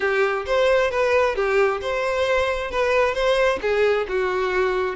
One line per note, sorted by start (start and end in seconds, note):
0.00 0.45 G4
0.46 0.90 C5
0.90 1.35 B4
1.35 1.80 G4
1.81 2.70 C5
2.70 3.14 B4
3.14 3.59 C5
3.61 4.06 G#4
4.08 4.95 F#4